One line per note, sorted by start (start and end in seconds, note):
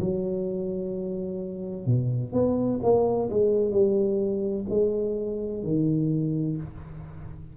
0.00 1.86 F#3
1.86 2.33 B2
2.33 2.80 B3
2.83 3.30 A#3
3.30 3.71 G#3
3.71 4.65 G3
4.70 5.64 G#3
5.64 6.58 D#3